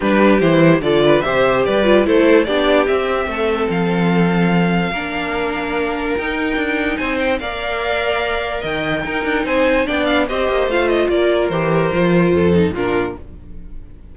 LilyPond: <<
  \new Staff \with { instrumentName = "violin" } { \time 4/4 \tempo 4 = 146 b'4 c''4 d''4 e''4 | d''4 c''4 d''4 e''4~ | e''4 f''2.~ | f''2. g''4~ |
g''4 gis''8 g''8 f''2~ | f''4 g''2 gis''4 | g''8 f''8 dis''4 f''8 dis''8 d''4 | c''2. ais'4 | }
  \new Staff \with { instrumentName = "violin" } { \time 4/4 g'2 a'8 b'8 c''4 | b'4 a'4 g'2 | a'1 | ais'1~ |
ais'4 c''4 d''2~ | d''4 dis''4 ais'4 c''4 | d''4 c''2 ais'4~ | ais'2 a'4 f'4 | }
  \new Staff \with { instrumentName = "viola" } { \time 4/4 d'4 e'4 f'4 g'4~ | g'8 f'8 e'4 d'4 c'4~ | c'1 | d'2. dis'4~ |
dis'2 ais'2~ | ais'2 dis'2 | d'4 g'4 f'2 | g'4 f'4. dis'8 d'4 | }
  \new Staff \with { instrumentName = "cello" } { \time 4/4 g4 e4 d4 c4 | g4 a4 b4 c'4 | a4 f2. | ais2. dis'4 |
d'4 c'4 ais2~ | ais4 dis4 dis'8 d'8 c'4 | b4 c'8 ais8 a4 ais4 | e4 f4 f,4 ais,4 | }
>>